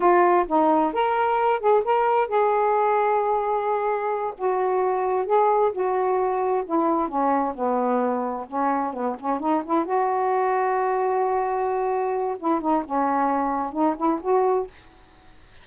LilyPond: \new Staff \with { instrumentName = "saxophone" } { \time 4/4 \tempo 4 = 131 f'4 dis'4 ais'4. gis'8 | ais'4 gis'2.~ | gis'4. fis'2 gis'8~ | gis'8 fis'2 e'4 cis'8~ |
cis'8 b2 cis'4 b8 | cis'8 dis'8 e'8 fis'2~ fis'8~ | fis'2. e'8 dis'8 | cis'2 dis'8 e'8 fis'4 | }